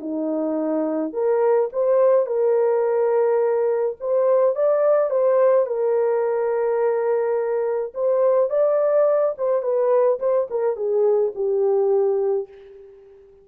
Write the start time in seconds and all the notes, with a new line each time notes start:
0.00 D#4
1.13 A#4
1.73 C5
2.26 A#4
4.00 C5
4.55 D5
5.10 C5
5.66 A#4
7.94 C5
8.50 D5
9.38 C5
9.62 B4
10.19 C5
10.50 A#4
10.76 G#4
11.35 G4